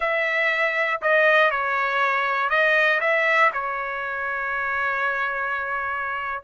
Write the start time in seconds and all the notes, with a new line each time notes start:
0.00 E5
1.01 D#5
1.50 C#5
2.49 D#5
3.00 E5
3.53 C#5